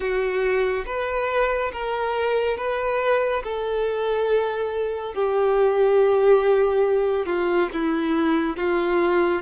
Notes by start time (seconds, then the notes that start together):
0.00 F#4
0.86 B4
1.72 A#4
2.57 B4
3.43 A4
5.14 G4
7.25 F4
7.73 E4
8.56 F4